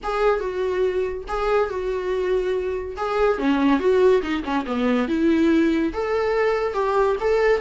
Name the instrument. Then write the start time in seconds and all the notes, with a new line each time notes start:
viola
0.03 G#4
0.40 F#4
1.28 G#4
1.69 F#4
2.96 G#4
3.38 C#4
3.79 F#4
4.22 D#4
4.43 C#4
4.66 B3
5.08 E4
5.93 A4
6.73 G4
7.20 A4